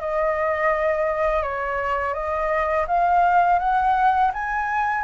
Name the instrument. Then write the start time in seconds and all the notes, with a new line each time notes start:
flute
0.00 D#5
1.42 C#5
2.14 D#5
2.88 F5
3.59 F#5
4.33 G#5